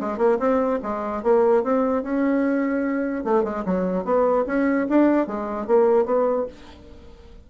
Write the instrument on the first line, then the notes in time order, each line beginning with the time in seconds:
bassoon
0.00 G#3
0.17 A#3
0.38 C4
0.82 G#3
1.23 A#3
1.63 C4
2.02 C#4
3.24 A3
3.43 G#3
3.65 F#3
4.04 B3
4.46 C#4
4.89 D4
5.26 G#3
5.66 A#3
6.05 B3